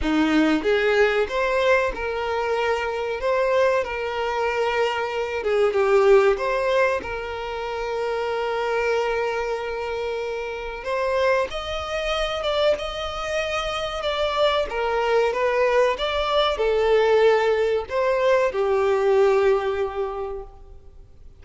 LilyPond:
\new Staff \with { instrumentName = "violin" } { \time 4/4 \tempo 4 = 94 dis'4 gis'4 c''4 ais'4~ | ais'4 c''4 ais'2~ | ais'8 gis'8 g'4 c''4 ais'4~ | ais'1~ |
ais'4 c''4 dis''4. d''8 | dis''2 d''4 ais'4 | b'4 d''4 a'2 | c''4 g'2. | }